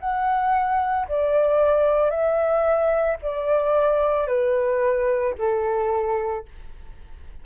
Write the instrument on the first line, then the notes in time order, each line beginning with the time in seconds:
flute
0.00 F#5
1.09 D5
2.10 E5
3.23 D5
4.28 B4
5.39 A4